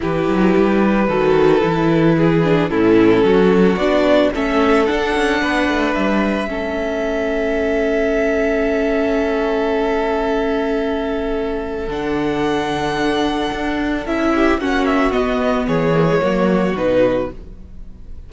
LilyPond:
<<
  \new Staff \with { instrumentName = "violin" } { \time 4/4 \tempo 4 = 111 b'1~ | b'4 a'2 d''4 | e''4 fis''2 e''4~ | e''1~ |
e''1~ | e''2 fis''2~ | fis''2 e''4 fis''8 e''8 | dis''4 cis''2 b'4 | }
  \new Staff \with { instrumentName = "violin" } { \time 4/4 g'2 a'2 | gis'4 e'4 fis'2 | a'2 b'2 | a'1~ |
a'1~ | a'1~ | a'2~ a'8 g'8 fis'4~ | fis'4 gis'4 fis'2 | }
  \new Staff \with { instrumentName = "viola" } { \time 4/4 e'2 fis'4 e'4~ | e'8 d'8 cis'2 d'4 | cis'4 d'2. | cis'1~ |
cis'1~ | cis'2 d'2~ | d'2 e'4 cis'4 | b4. ais16 gis16 ais4 dis'4 | }
  \new Staff \with { instrumentName = "cello" } { \time 4/4 e8 fis8 g4 dis4 e4~ | e4 a,4 fis4 b4 | a4 d'8 cis'8 b8 a8 g4 | a1~ |
a1~ | a2 d2~ | d4 d'4 cis'4 ais4 | b4 e4 fis4 b,4 | }
>>